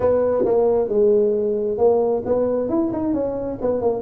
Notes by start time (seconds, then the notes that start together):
0.00 B3
0.45 A#3
0.88 G#3
1.77 A#3
2.25 B3
2.69 E4
2.92 D#4
3.13 C#4
3.61 B3
3.81 A#3